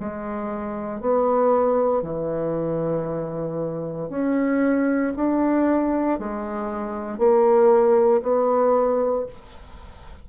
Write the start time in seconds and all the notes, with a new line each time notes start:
0.00 G#3
1.01 B3
2.03 E3
4.10 C#4
5.17 D4
6.19 G#3
7.18 A#3
8.23 B3